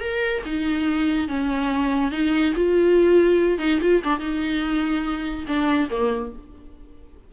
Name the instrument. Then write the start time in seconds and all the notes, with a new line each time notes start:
viola
0.00 A#4
0.45 D#4
1.28 C#4
2.11 D#4
2.55 F4
3.58 D#4
3.81 F4
4.03 D4
4.19 D#4
5.47 D4
5.90 A#3